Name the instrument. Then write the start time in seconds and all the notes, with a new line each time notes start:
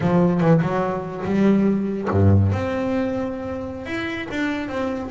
double bass
0.00 F3
0.40 E3
0.61 F#3
1.25 G3
2.10 G2
2.52 C4
3.86 E4
4.30 D4
4.68 C4